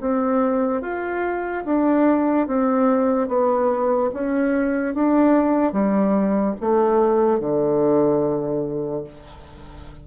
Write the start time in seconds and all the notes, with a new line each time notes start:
0.00 C4
0.81 F4
1.65 D4
2.47 C4
3.28 B3
4.13 C#4
4.94 D4
5.72 G3
6.60 A3
7.39 D3